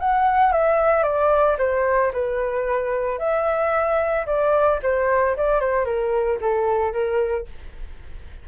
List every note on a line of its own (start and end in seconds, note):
0.00 0.53 F#5
0.53 1.03 E5
1.03 1.57 D5
1.59 2.12 C5
2.13 3.19 B4
3.19 4.26 E5
4.27 4.80 D5
4.83 5.36 C5
5.37 5.61 D5
5.61 5.85 C5
5.85 6.39 A#4
6.41 6.93 A4
6.93 7.47 A#4